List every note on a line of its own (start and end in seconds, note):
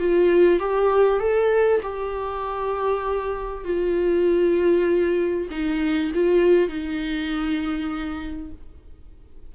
0.00 0.60 F4
0.60 1.20 G4
1.20 1.81 A4
1.83 3.65 G4
3.65 5.48 F4
5.51 6.13 D#4
6.15 6.69 F4
6.69 8.52 D#4